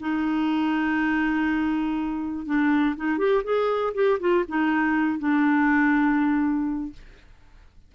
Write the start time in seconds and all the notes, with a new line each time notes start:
0.00 D#4
2.46 D4
2.97 D#4
3.19 G4
3.44 G#4
3.95 G4
4.20 F4
4.49 D#4
5.19 D4